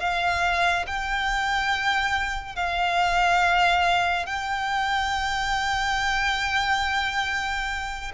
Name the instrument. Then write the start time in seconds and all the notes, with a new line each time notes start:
violin
0.00 F5
0.87 G5
2.56 F5
4.27 G5